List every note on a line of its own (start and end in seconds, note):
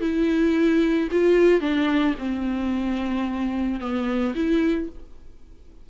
0.00 1.08 E4
1.11 1.60 F4
1.60 2.14 D4
2.18 3.80 C4
3.80 4.34 B3
4.34 4.88 E4